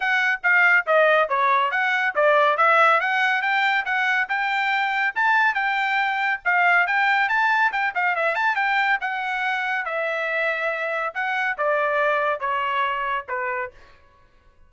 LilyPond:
\new Staff \with { instrumentName = "trumpet" } { \time 4/4 \tempo 4 = 140 fis''4 f''4 dis''4 cis''4 | fis''4 d''4 e''4 fis''4 | g''4 fis''4 g''2 | a''4 g''2 f''4 |
g''4 a''4 g''8 f''8 e''8 a''8 | g''4 fis''2 e''4~ | e''2 fis''4 d''4~ | d''4 cis''2 b'4 | }